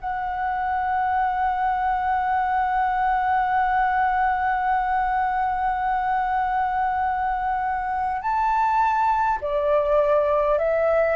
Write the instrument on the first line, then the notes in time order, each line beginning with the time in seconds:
flute
0.00 F#5
8.22 A5
9.41 D5
10.59 E5